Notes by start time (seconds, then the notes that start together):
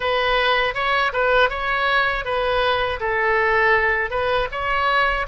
0.00 B4
0.74 C#5
1.12 B4
1.49 C#5
2.24 B4
3.00 A4
4.10 B4
4.51 C#5